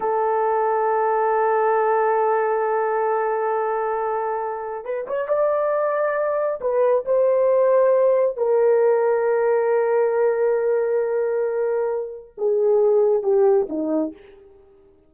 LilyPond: \new Staff \with { instrumentName = "horn" } { \time 4/4 \tempo 4 = 136 a'1~ | a'1~ | a'2. b'8 cis''8 | d''2. b'4 |
c''2. ais'4~ | ais'1~ | ais'1 | gis'2 g'4 dis'4 | }